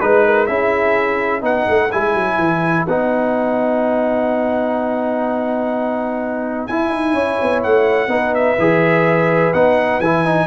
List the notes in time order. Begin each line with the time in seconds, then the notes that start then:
0.00 G#3 D#4 B4
0.26 A#4
0.47 C#4 E4 G#4 E5
1.41 B3 D#4 B4 F#5
1.70 A3
1.91 G#3 E4 G#5
2.14 F#3
2.38 E3
2.86 B3 D#4 F#5
6.67 E4 G#5
6.89 D#4
7.13 C#4 C#5
7.42 B3
7.63 A3 F#5
8.08 B3 D#4 B4
8.35 E5
8.58 E3 G#4
9.53 B3 D#4 F#5
9.99 E3 E4 G#5
10.25 D#4